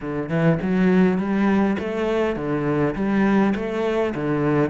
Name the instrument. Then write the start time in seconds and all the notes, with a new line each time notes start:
cello
0.00 D3
0.29 E3
0.61 F#3
1.18 G3
1.79 A3
2.36 D3
2.95 G3
3.55 A3
4.14 D3